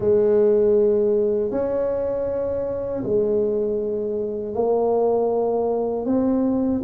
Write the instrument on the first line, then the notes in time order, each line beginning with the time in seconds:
tuba
0.00 G#3
1.51 C#4
3.03 G#3
4.54 A#3
6.05 C4